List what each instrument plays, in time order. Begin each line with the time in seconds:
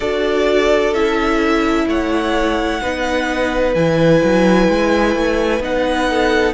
0.00 cello D4, viola F#4, violin A4 D5
0.93 cello C#4, viola E4, violin E5
1.86 cello A3, violin C#5 F#5
2.82 cello B3, viola D#4, violin B4
3.74 cello E3, viola E4, violin G#5
4.24 cello F#3
4.68 cello G#3
5.15 cello A3
5.60 cello B3, viola D#4, violin F#5
6.09 violin A4